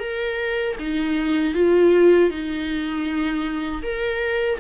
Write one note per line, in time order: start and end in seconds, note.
0.00 0.76 A#4
0.80 1.55 D#4
1.55 2.31 F4
2.31 3.83 D#4
3.83 4.59 A#4